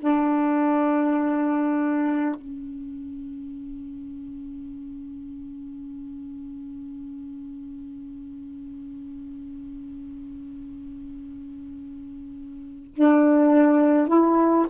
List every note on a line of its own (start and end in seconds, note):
0.00 2.35 D4
2.36 12.95 C#4
12.95 14.08 D4
14.08 14.67 E4